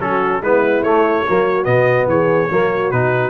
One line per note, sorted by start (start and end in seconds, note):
0.00 0.41 F#3
0.00 0.42 C#4
0.00 0.42 F#4
0.00 0.43 A4
0.41 0.83 G#3
0.41 0.85 B3
0.41 1.25 E4
0.41 0.83 B4
0.83 1.25 A3
0.83 1.27 A3
0.83 1.64 C#5
1.27 1.66 F#3
1.27 1.64 A#3
1.27 2.09 F#4
1.64 2.07 B2
1.64 2.47 B3
1.64 2.06 D#5
2.07 2.48 E3
2.07 2.50 G#4
2.07 2.91 C#5
2.51 2.92 F#3
2.51 2.92 A#3
2.51 3.30 F#4
2.91 3.30 B2
2.91 3.30 D#4
2.91 3.30 B4